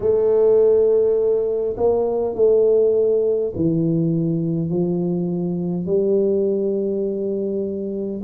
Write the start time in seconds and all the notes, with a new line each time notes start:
0.00 A3
1.76 A#3
2.35 A3
3.55 E3
4.70 F3
5.86 G3